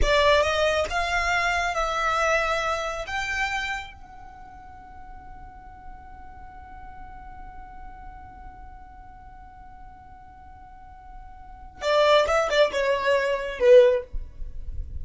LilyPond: \new Staff \with { instrumentName = "violin" } { \time 4/4 \tempo 4 = 137 d''4 dis''4 f''2 | e''2. g''4~ | g''4 fis''2.~ | fis''1~ |
fis''1~ | fis''1~ | fis''2. d''4 | e''8 d''8 cis''2 b'4 | }